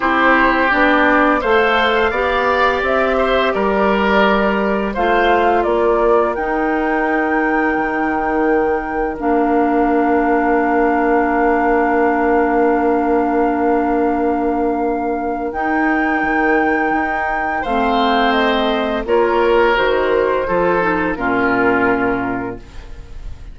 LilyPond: <<
  \new Staff \with { instrumentName = "flute" } { \time 4/4 \tempo 4 = 85 c''4 d''4 f''2 | e''4 d''2 f''4 | d''4 g''2.~ | g''4 f''2.~ |
f''1~ | f''2 g''2~ | g''4 f''4 dis''4 cis''4 | c''2 ais'2 | }
  \new Staff \with { instrumentName = "oboe" } { \time 4/4 g'2 c''4 d''4~ | d''8 c''8 ais'2 c''4 | ais'1~ | ais'1~ |
ais'1~ | ais'1~ | ais'4 c''2 ais'4~ | ais'4 a'4 f'2 | }
  \new Staff \with { instrumentName = "clarinet" } { \time 4/4 e'4 d'4 a'4 g'4~ | g'2. f'4~ | f'4 dis'2.~ | dis'4 d'2.~ |
d'1~ | d'2 dis'2~ | dis'4 c'2 f'4 | fis'4 f'8 dis'8 cis'2 | }
  \new Staff \with { instrumentName = "bassoon" } { \time 4/4 c'4 b4 a4 b4 | c'4 g2 a4 | ais4 dis'2 dis4~ | dis4 ais2.~ |
ais1~ | ais2 dis'4 dis4 | dis'4 a2 ais4 | dis4 f4 ais,2 | }
>>